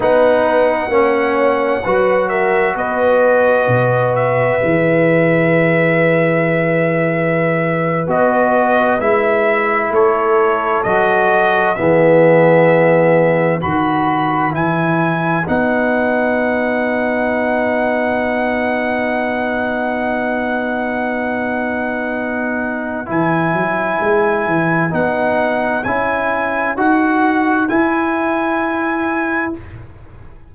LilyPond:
<<
  \new Staff \with { instrumentName = "trumpet" } { \time 4/4 \tempo 4 = 65 fis''2~ fis''8 e''8 dis''4~ | dis''8 e''2.~ e''8~ | e''8. dis''4 e''4 cis''4 dis''16~ | dis''8. e''2 b''4 gis''16~ |
gis''8. fis''2.~ fis''16~ | fis''1~ | fis''4 gis''2 fis''4 | gis''4 fis''4 gis''2 | }
  \new Staff \with { instrumentName = "horn" } { \time 4/4 b'4 cis''4 b'8 ais'8 b'4~ | b'1~ | b'2~ b'8. a'4~ a'16~ | a'8. gis'2 b'4~ b'16~ |
b'1~ | b'1~ | b'1~ | b'1 | }
  \new Staff \with { instrumentName = "trombone" } { \time 4/4 dis'4 cis'4 fis'2~ | fis'4 gis'2.~ | gis'8. fis'4 e'2 fis'16~ | fis'8. b2 fis'4 e'16~ |
e'8. dis'2.~ dis'16~ | dis'1~ | dis'4 e'2 dis'4 | e'4 fis'4 e'2 | }
  \new Staff \with { instrumentName = "tuba" } { \time 4/4 b4 ais4 fis4 b4 | b,4 e2.~ | e8. b4 gis4 a4 fis16~ | fis8. e2 dis4 e16~ |
e8. b2.~ b16~ | b1~ | b4 e8 fis8 gis8 e8 b4 | cis'4 dis'4 e'2 | }
>>